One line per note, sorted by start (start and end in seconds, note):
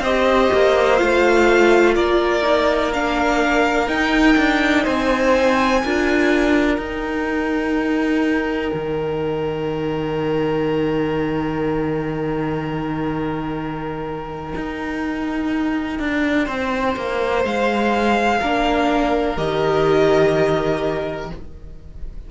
0.00 0.48 C4
0.00 0.98 G4
0.00 1.94 C5
0.00 0.98 D#5
0.53 1.01 A#3
0.98 1.97 A3
0.98 2.42 F4
0.98 1.95 F5
1.95 3.88 A#3
1.95 4.83 A#4
1.95 2.92 D5
2.42 2.91 D#4
2.94 3.87 D4
2.94 3.88 F5
3.87 5.80 D#4
3.87 4.36 D#4
3.87 4.85 G5
4.38 4.86 D4
4.83 5.84 C4
4.83 5.80 C5
4.83 6.77 G#5
5.83 6.78 D4
5.83 6.79 F4
5.83 16.45 A#4
6.77 8.71 D#4
6.77 18.40 D#4
6.77 17.42 G5
8.74 14.54 D#3
14.55 15.99 D#4
15.99 16.48 D4
16.45 16.96 C4
16.45 18.39 C5
16.97 17.44 A#3
17.44 18.41 G#3
17.44 19.37 F5
18.41 19.37 A#3
18.41 19.37 D4
18.41 21.31 A#4
19.37 21.31 D#3
19.37 21.31 G4
19.37 21.30 D#5